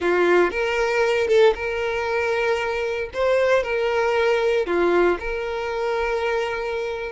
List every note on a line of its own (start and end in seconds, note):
0.00 0.50 F4
0.50 1.27 A#4
1.27 1.53 A4
1.54 3.10 A#4
3.13 3.63 C5
3.63 4.66 A#4
4.66 5.17 F4
5.19 7.12 A#4